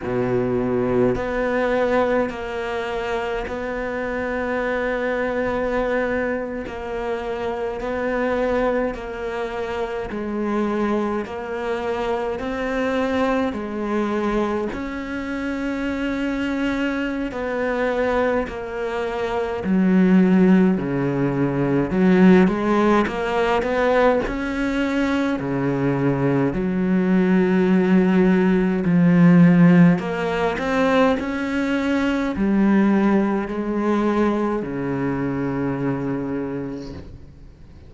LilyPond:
\new Staff \with { instrumentName = "cello" } { \time 4/4 \tempo 4 = 52 b,4 b4 ais4 b4~ | b4.~ b16 ais4 b4 ais16~ | ais8. gis4 ais4 c'4 gis16~ | gis8. cis'2~ cis'16 b4 |
ais4 fis4 cis4 fis8 gis8 | ais8 b8 cis'4 cis4 fis4~ | fis4 f4 ais8 c'8 cis'4 | g4 gis4 cis2 | }